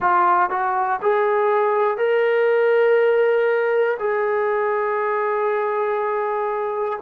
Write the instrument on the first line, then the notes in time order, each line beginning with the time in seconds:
trombone
0.00 F4
0.50 F#4
1.02 G#4
1.97 A#4
3.99 G#4